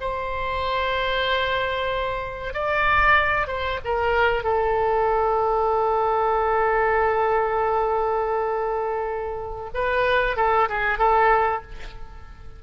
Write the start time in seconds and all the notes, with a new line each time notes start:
0.00 C5
2.53 D5
3.47 C5
3.84 A#4
4.43 A4
9.73 B4
10.36 A4
10.69 G#4
10.98 A4